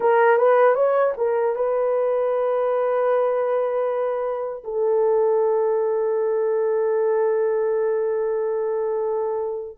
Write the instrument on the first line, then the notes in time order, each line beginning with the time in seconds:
horn
0.00 A#4
0.37 B4
0.74 C#5
1.17 A#4
1.55 B4
4.64 A4